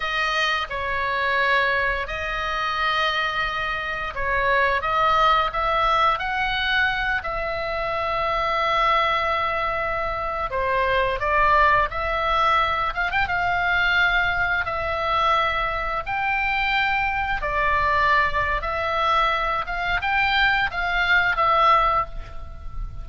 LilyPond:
\new Staff \with { instrumentName = "oboe" } { \time 4/4 \tempo 4 = 87 dis''4 cis''2 dis''4~ | dis''2 cis''4 dis''4 | e''4 fis''4. e''4.~ | e''2.~ e''16 c''8.~ |
c''16 d''4 e''4. f''16 g''16 f''8.~ | f''4~ f''16 e''2 g''8.~ | g''4~ g''16 d''4.~ d''16 e''4~ | e''8 f''8 g''4 f''4 e''4 | }